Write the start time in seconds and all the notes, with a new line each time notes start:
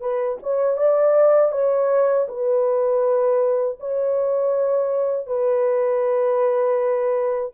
0.00 B4
0.43 C#5
0.77 D5
1.52 C#5
2.28 B4
3.80 C#5
5.27 B4